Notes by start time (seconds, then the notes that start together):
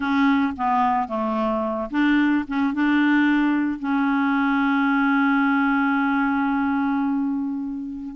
0.00 C#4
0.56 B3
1.08 A3
1.90 D4
2.47 C#4
2.73 D4
3.79 C#4